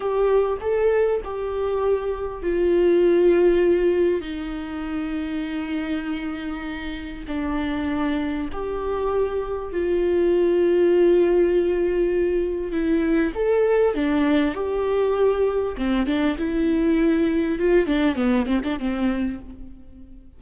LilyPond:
\new Staff \with { instrumentName = "viola" } { \time 4/4 \tempo 4 = 99 g'4 a'4 g'2 | f'2. dis'4~ | dis'1 | d'2 g'2 |
f'1~ | f'4 e'4 a'4 d'4 | g'2 c'8 d'8 e'4~ | e'4 f'8 d'8 b8 c'16 d'16 c'4 | }